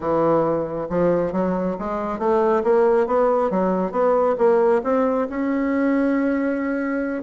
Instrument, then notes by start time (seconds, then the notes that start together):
bassoon
0.00 E3
0.89 F3
1.32 F#3
1.78 G#3
2.19 A3
2.63 A#3
3.06 B3
3.50 F#3
3.91 B3
4.37 A#3
4.83 C4
5.29 C#4